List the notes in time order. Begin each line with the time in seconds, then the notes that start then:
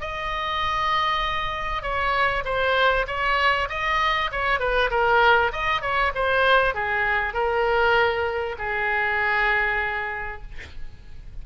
0.00 D#5
1.82 C#5
2.45 C5
3.07 C#5
3.69 D#5
4.31 C#5
4.59 B4
4.90 A#4
5.52 D#5
5.81 C#5
6.14 C5
6.74 G#4
7.34 A#4
8.58 G#4